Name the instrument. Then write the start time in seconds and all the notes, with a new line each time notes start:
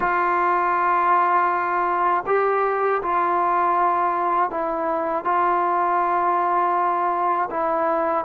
trombone
0.00 F4
2.26 G4
3.02 F4
4.50 E4
5.24 F4
7.50 E4